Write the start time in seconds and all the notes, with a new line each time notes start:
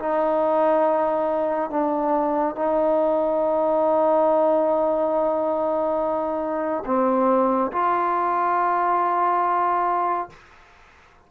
0.00 D#4
1.70 D4
2.56 D#4
6.86 C4
7.73 F4